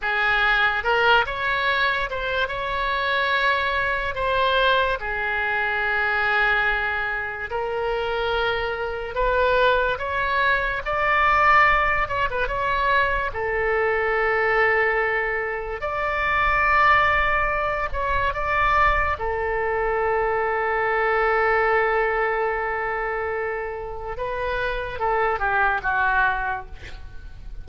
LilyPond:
\new Staff \with { instrumentName = "oboe" } { \time 4/4 \tempo 4 = 72 gis'4 ais'8 cis''4 c''8 cis''4~ | cis''4 c''4 gis'2~ | gis'4 ais'2 b'4 | cis''4 d''4. cis''16 b'16 cis''4 |
a'2. d''4~ | d''4. cis''8 d''4 a'4~ | a'1~ | a'4 b'4 a'8 g'8 fis'4 | }